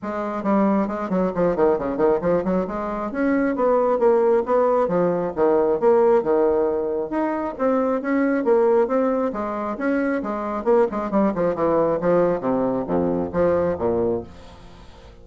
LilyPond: \new Staff \with { instrumentName = "bassoon" } { \time 4/4 \tempo 4 = 135 gis4 g4 gis8 fis8 f8 dis8 | cis8 dis8 f8 fis8 gis4 cis'4 | b4 ais4 b4 f4 | dis4 ais4 dis2 |
dis'4 c'4 cis'4 ais4 | c'4 gis4 cis'4 gis4 | ais8 gis8 g8 f8 e4 f4 | c4 f,4 f4 ais,4 | }